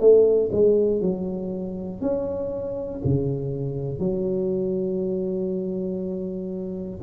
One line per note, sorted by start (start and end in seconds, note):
0.00 0.50 A3
0.52 1.01 G#3
1.01 2.01 F#3
2.01 3.01 C#4
3.05 4.00 C#3
4.00 7.00 F#3